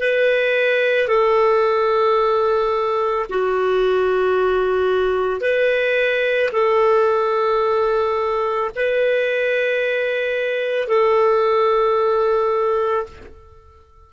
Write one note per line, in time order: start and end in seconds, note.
0.00 1.08 B4
1.08 3.26 A4
3.30 5.41 F#4
5.41 6.50 B4
6.53 8.71 A4
8.76 10.88 B4
10.88 13.07 A4